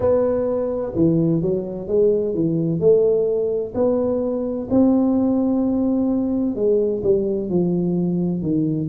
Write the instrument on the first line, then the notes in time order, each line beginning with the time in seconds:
tuba
0.00 B3
0.95 E3
1.41 F#3
1.87 G#3
2.34 E3
2.80 A3
3.74 B3
4.70 C4
6.55 G#3
7.03 G3
7.49 F3
8.42 D#3